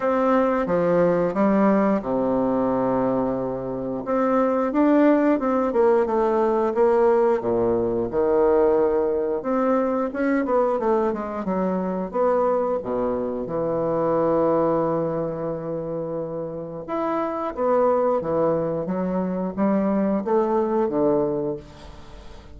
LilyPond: \new Staff \with { instrumentName = "bassoon" } { \time 4/4 \tempo 4 = 89 c'4 f4 g4 c4~ | c2 c'4 d'4 | c'8 ais8 a4 ais4 ais,4 | dis2 c'4 cis'8 b8 |
a8 gis8 fis4 b4 b,4 | e1~ | e4 e'4 b4 e4 | fis4 g4 a4 d4 | }